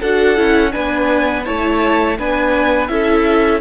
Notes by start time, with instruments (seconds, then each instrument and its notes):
0.00 cello D4, viola F#4, violin A4 F#5
0.37 cello C#4, viola E4
0.72 cello B3, viola D4, violin B4 G#5
1.45 cello A3, viola E4, violin C#5 A5
2.18 cello B3, viola D4, violin B4 G#5
2.88 cello C#4, viola E4, violin A4 E5